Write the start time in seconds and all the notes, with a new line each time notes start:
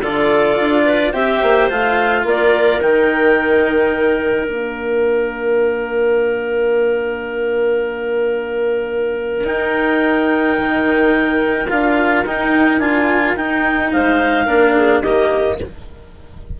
0.00 D3 F4 A4 D5
0.59 D4
0.84 B4
1.11 C4 G4 C5 E5
1.42 A#3
1.69 A3 F4 F5
2.23 A#3 A#4 D5
2.81 D#3 D#4 G5
4.44 A#3 D4 F5
9.44 D#4 G5
10.57 D#3
11.69 D4 F4 F5
12.24 D#4 G5
12.78 D4 F4 G#5
13.36 D#4 G5
13.92 G#3 C5 F5
14.45 A#3 D4 A#4
14.75 G#4
15.01 D#3 A#3 G4 D#5